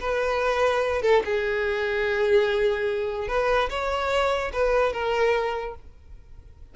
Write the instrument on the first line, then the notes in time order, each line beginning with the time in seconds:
violin
0.00 B4
1.02 A4
1.25 G#4
3.28 B4
3.69 C#5
4.53 B4
4.93 A#4